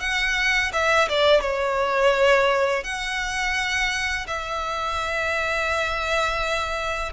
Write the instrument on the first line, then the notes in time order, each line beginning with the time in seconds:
violin
0.00 F#5
0.73 E5
1.09 D5
1.41 C#5
2.84 F#5
4.27 E5